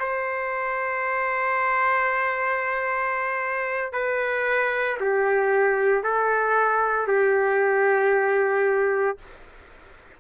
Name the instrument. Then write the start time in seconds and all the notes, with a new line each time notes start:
trumpet
0.00 C5
3.93 B4
5.00 G4
6.04 A4
7.08 G4